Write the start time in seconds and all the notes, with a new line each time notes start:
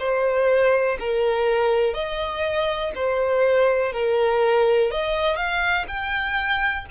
0.00 C5
1.00 A#4
1.94 D#5
2.96 C5
3.93 A#4
4.92 D#5
5.37 F5
5.88 G5